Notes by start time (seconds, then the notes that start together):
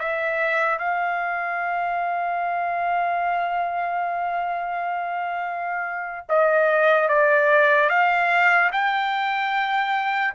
0.00 E5
0.79 F5
6.29 D#5
7.09 D5
7.90 F5
8.72 G5